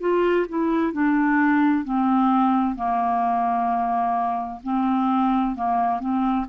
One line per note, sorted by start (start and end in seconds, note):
0.00 0.46 F4
0.48 0.92 E4
0.92 1.84 D4
1.84 2.75 C4
2.75 4.60 A#3
4.63 5.55 C4
5.55 5.99 A#3
5.99 6.45 C4